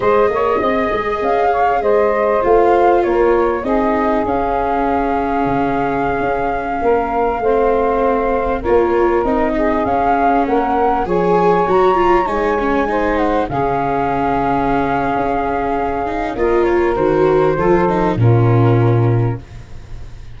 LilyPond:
<<
  \new Staff \with { instrumentName = "flute" } { \time 4/4 \tempo 4 = 99 dis''2 f''4 dis''4 | f''4 cis''4 dis''4 f''4~ | f''1~ | f''2~ f''16 cis''4 dis''8.~ |
dis''16 f''4 fis''4 gis''4 ais''8.~ | ais''16 gis''4. fis''8 f''4.~ f''16~ | f''2. dis''8 cis''8 | c''2 ais'2 | }
  \new Staff \with { instrumentName = "saxophone" } { \time 4/4 c''8 cis''8 dis''4. cis''8 c''4~ | c''4 ais'4 gis'2~ | gis'2.~ gis'16 ais'8.~ | ais'16 c''2 ais'4. gis'16~ |
gis'4~ gis'16 ais'4 cis''4.~ cis''16~ | cis''4~ cis''16 c''4 gis'4.~ gis'16~ | gis'2. ais'4~ | ais'4 a'4 f'2 | }
  \new Staff \with { instrumentName = "viola" } { \time 4/4 gis'1 | f'2 dis'4 cis'4~ | cis'1~ | cis'16 c'2 f'4 dis'8.~ |
dis'16 cis'2 gis'4 fis'8 f'16~ | f'16 dis'8 cis'8 dis'4 cis'4.~ cis'16~ | cis'2~ cis'8 dis'8 f'4 | fis'4 f'8 dis'8 cis'2 | }
  \new Staff \with { instrumentName = "tuba" } { \time 4/4 gis8 ais8 c'8 gis8 cis'4 gis4 | a4 ais4 c'4 cis'4~ | cis'4 cis4~ cis16 cis'4 ais8.~ | ais16 a2 ais4 c'8.~ |
c'16 cis'4 ais4 f4 fis8.~ | fis16 gis2 cis4.~ cis16~ | cis4 cis'2 ais4 | dis4 f4 ais,2 | }
>>